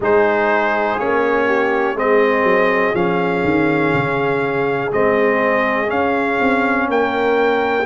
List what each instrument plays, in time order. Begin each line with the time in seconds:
0.00 tuba G#3, trombone D#4, horn G#4, trumpet C5
0.98 tuba A#3, trombone C#4, trumpet C#5
1.46 horn G4
1.94 tuba G#3, trombone C4, horn G#4, trumpet D#5
2.43 tuba F#3
2.93 tuba F3, trombone C#4, trumpet F5
3.43 tuba D#3
3.93 tuba C#3
4.91 tuba G#3, trombone C4, trumpet D#5
5.86 trombone C#4, tuba C#4, trumpet F5
6.40 tuba C4
6.88 tuba A#3, horn A#4, trumpet G5